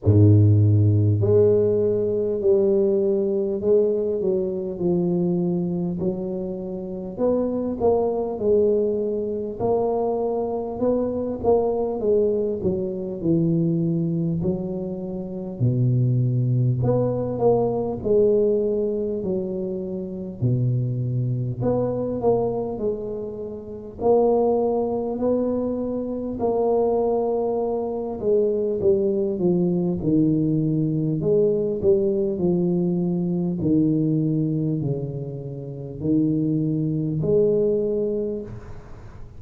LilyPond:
\new Staff \with { instrumentName = "tuba" } { \time 4/4 \tempo 4 = 50 gis,4 gis4 g4 gis8 fis8 | f4 fis4 b8 ais8 gis4 | ais4 b8 ais8 gis8 fis8 e4 | fis4 b,4 b8 ais8 gis4 |
fis4 b,4 b8 ais8 gis4 | ais4 b4 ais4. gis8 | g8 f8 dis4 gis8 g8 f4 | dis4 cis4 dis4 gis4 | }